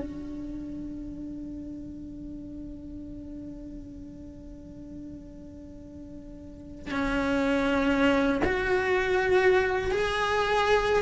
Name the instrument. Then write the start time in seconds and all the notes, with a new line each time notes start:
cello
0.00 D4
6.92 C#4
8.45 F#4
9.91 G#4